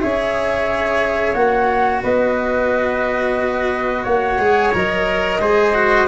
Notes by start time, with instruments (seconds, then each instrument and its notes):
0.00 tuba C#4, cello G#4, trumpet C#5, flute E5
1.34 tuba A#3, cello F#4, flute F#5
2.03 tuba B3, trumpet B4, flute D#5
4.04 tuba A#3, trumpet C#5, flute F#5
4.38 tuba G#3, cello G#4
4.73 tuba F#3, cello A#4, flute D#5
5.40 tuba G#3, cello G#4, trumpet C5
5.74 cello F#4